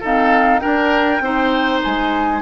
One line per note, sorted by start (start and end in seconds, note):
0.00 0.60 C4
0.00 0.64 D#4
0.00 0.60 A4
0.00 0.59 F5
0.59 1.20 D4
0.59 1.21 A#4
0.59 1.79 G5
1.20 1.80 C4
1.20 2.41 D#4
1.20 2.41 C5
1.83 2.41 G#3
1.83 2.41 G#5